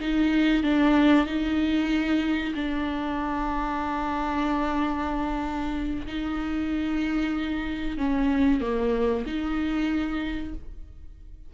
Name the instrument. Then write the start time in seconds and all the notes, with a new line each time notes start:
viola
0.00 D#4
0.63 D4
1.26 D#4
2.55 D4
6.06 D#4
7.98 C#4
8.61 A#3
9.26 D#4